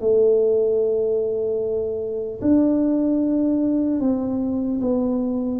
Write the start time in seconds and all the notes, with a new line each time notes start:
0.00 A3
2.41 D4
4.00 C4
4.81 B3